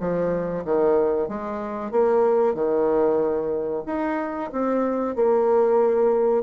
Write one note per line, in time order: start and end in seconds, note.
0.00 0.65 F3
0.65 1.28 D#3
1.28 1.91 G#3
1.91 2.55 A#3
2.55 3.84 D#3
3.86 4.51 D#4
4.52 5.16 C4
5.16 6.43 A#3